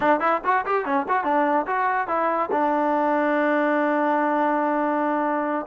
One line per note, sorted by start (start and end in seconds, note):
0.00 0.20 D4
0.20 0.41 E4
0.44 0.65 F#4
0.66 0.85 G4
0.85 1.06 C#4
1.08 1.24 F#4
1.24 1.66 D4
1.66 2.07 F#4
2.07 2.49 E4
2.51 5.66 D4